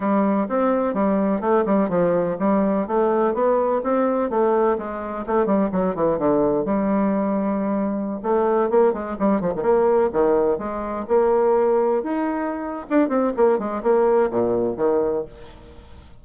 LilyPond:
\new Staff \with { instrumentName = "bassoon" } { \time 4/4 \tempo 4 = 126 g4 c'4 g4 a8 g8 | f4 g4 a4 b4 | c'4 a4 gis4 a8 g8 | fis8 e8 d4 g2~ |
g4~ g16 a4 ais8 gis8 g8 f16 | dis16 ais4 dis4 gis4 ais8.~ | ais4~ ais16 dis'4.~ dis'16 d'8 c'8 | ais8 gis8 ais4 ais,4 dis4 | }